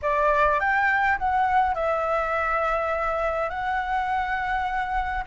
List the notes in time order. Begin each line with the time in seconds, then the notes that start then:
0.02 D5
0.60 G5
1.18 F#5
1.74 E5
3.49 F#5